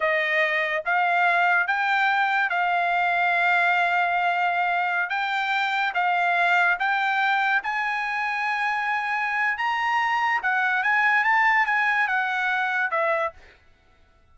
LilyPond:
\new Staff \with { instrumentName = "trumpet" } { \time 4/4 \tempo 4 = 144 dis''2 f''2 | g''2 f''2~ | f''1~ | f''16 g''2 f''4.~ f''16~ |
f''16 g''2 gis''4.~ gis''16~ | gis''2. ais''4~ | ais''4 fis''4 gis''4 a''4 | gis''4 fis''2 e''4 | }